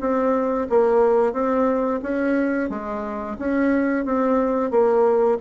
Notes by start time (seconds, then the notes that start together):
0.00 C4
0.70 A#3
1.32 C4
2.02 C#4
2.69 G#3
3.39 C#4
4.05 C4
4.70 A#3